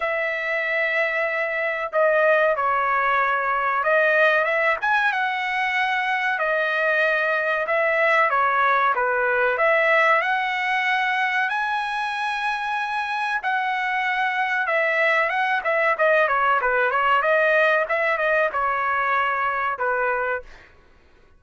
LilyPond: \new Staff \with { instrumentName = "trumpet" } { \time 4/4 \tempo 4 = 94 e''2. dis''4 | cis''2 dis''4 e''8 gis''8 | fis''2 dis''2 | e''4 cis''4 b'4 e''4 |
fis''2 gis''2~ | gis''4 fis''2 e''4 | fis''8 e''8 dis''8 cis''8 b'8 cis''8 dis''4 | e''8 dis''8 cis''2 b'4 | }